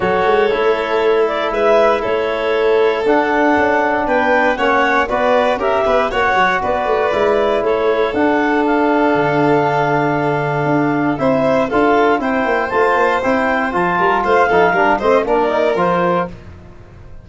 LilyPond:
<<
  \new Staff \with { instrumentName = "clarinet" } { \time 4/4 \tempo 4 = 118 cis''2~ cis''8 d''8 e''4 | cis''2 fis''2 | g''4 fis''4 d''4 e''4 | fis''4 d''2 cis''4 |
fis''4 f''2.~ | f''2 e''4 f''4 | g''4 a''4 g''4 a''4 | f''4. dis''8 d''4 c''4 | }
  \new Staff \with { instrumentName = "violin" } { \time 4/4 a'2. b'4 | a'1 | b'4 cis''4 b'4 ais'8 b'8 | cis''4 b'2 a'4~ |
a'1~ | a'2 c''4 a'4 | c''2.~ c''8 ais'8 | c''8 a'8 ais'8 c''8 ais'2 | }
  \new Staff \with { instrumentName = "trombone" } { \time 4/4 fis'4 e'2.~ | e'2 d'2~ | d'4 cis'4 fis'4 g'4 | fis'2 e'2 |
d'1~ | d'2 e'4 f'4 | e'4 f'4 e'4 f'4~ | f'8 dis'8 d'8 c'8 d'8 dis'8 f'4 | }
  \new Staff \with { instrumentName = "tuba" } { \time 4/4 fis8 gis8 a2 gis4 | a2 d'4 cis'4 | b4 ais4 b4 cis'8 b8 | ais8 fis8 b8 a8 gis4 a4 |
d'2 d2~ | d4 d'4 c'4 d'4 | c'8 ais8 a8 ais8 c'4 f8 g8 | a8 f8 g8 a8 ais4 f4 | }
>>